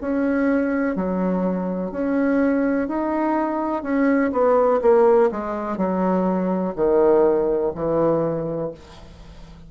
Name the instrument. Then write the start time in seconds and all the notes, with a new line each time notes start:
bassoon
0.00 C#4
0.95 F#3
1.91 C#4
2.88 D#4
3.82 C#4
4.32 B3
4.81 A#3
5.30 G#3
5.77 F#3
6.75 D#3
7.74 E3